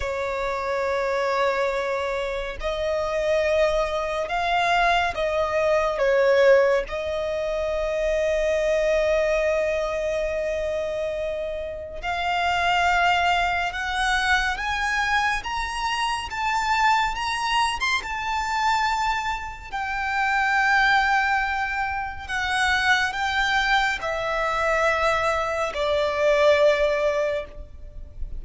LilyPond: \new Staff \with { instrumentName = "violin" } { \time 4/4 \tempo 4 = 70 cis''2. dis''4~ | dis''4 f''4 dis''4 cis''4 | dis''1~ | dis''2 f''2 |
fis''4 gis''4 ais''4 a''4 | ais''8. c'''16 a''2 g''4~ | g''2 fis''4 g''4 | e''2 d''2 | }